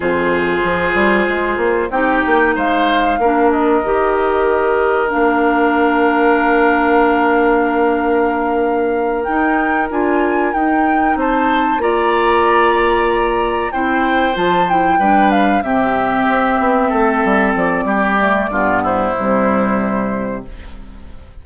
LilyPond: <<
  \new Staff \with { instrumentName = "flute" } { \time 4/4 \tempo 4 = 94 c''2. g''4 | f''4. dis''2~ dis''8 | f''1~ | f''2~ f''8 g''4 gis''8~ |
gis''8 g''4 a''4 ais''4.~ | ais''4. g''4 a''8 g''4 | f''8 e''2. d''8~ | d''4. c''2~ c''8 | }
  \new Staff \with { instrumentName = "oboe" } { \time 4/4 gis'2. g'4 | c''4 ais'2.~ | ais'1~ | ais'1~ |
ais'4. c''4 d''4.~ | d''4. c''2 b'8~ | b'8 g'2 a'4. | g'4 f'8 e'2~ e'8 | }
  \new Staff \with { instrumentName = "clarinet" } { \time 4/4 f'2. dis'4~ | dis'4 d'4 g'2 | d'1~ | d'2~ d'8 dis'4 f'8~ |
f'8 dis'2 f'4.~ | f'4. e'4 f'8 e'8 d'8~ | d'8 c'2.~ c'8~ | c'8 a8 b4 g2 | }
  \new Staff \with { instrumentName = "bassoon" } { \time 4/4 f,4 f8 g8 gis8 ais8 c'8 ais8 | gis4 ais4 dis2 | ais1~ | ais2~ ais8 dis'4 d'8~ |
d'8 dis'4 c'4 ais4.~ | ais4. c'4 f4 g8~ | g8 c4 c'8 b8 a8 g8 f8 | g4 g,4 c2 | }
>>